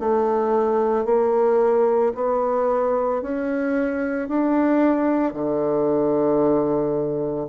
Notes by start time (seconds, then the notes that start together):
0.00 A3
1.06 A#3
2.15 B3
3.22 C#4
4.29 D4
5.33 D3